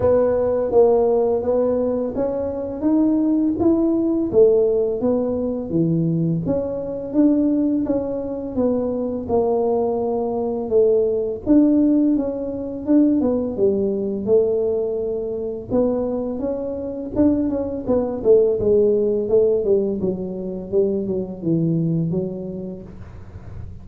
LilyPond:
\new Staff \with { instrumentName = "tuba" } { \time 4/4 \tempo 4 = 84 b4 ais4 b4 cis'4 | dis'4 e'4 a4 b4 | e4 cis'4 d'4 cis'4 | b4 ais2 a4 |
d'4 cis'4 d'8 b8 g4 | a2 b4 cis'4 | d'8 cis'8 b8 a8 gis4 a8 g8 | fis4 g8 fis8 e4 fis4 | }